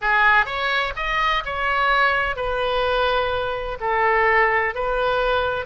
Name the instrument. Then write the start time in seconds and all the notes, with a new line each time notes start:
oboe
0.01 G#4
0.45 C#5
0.96 D#5
1.45 C#5
2.36 B4
3.80 A4
4.75 B4